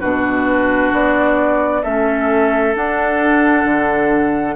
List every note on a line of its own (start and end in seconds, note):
0.00 0.92 B2
0.00 1.82 D4
0.00 1.82 F#4
0.00 0.91 B4
0.92 1.83 B3
0.92 1.83 D5
1.83 2.75 A3
1.83 2.74 C#4
1.83 4.55 A4
1.83 2.74 E5
2.74 4.56 D4
2.74 3.64 D4
2.74 4.56 F#5
3.64 4.55 D3